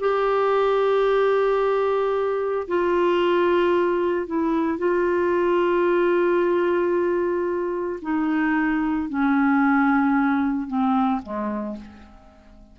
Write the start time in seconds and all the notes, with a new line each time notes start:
0.00 G4
2.68 F4
4.27 E4
4.78 F4
8.02 D#4
9.09 C#4
10.68 C4
11.23 G#3